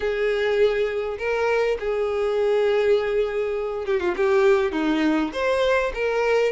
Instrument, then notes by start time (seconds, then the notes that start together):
violin
0.00 G#4
1.18 A#4
1.79 G#4
3.85 G4
4.00 F4
4.16 G4
4.72 D#4
5.32 C5
5.94 A#4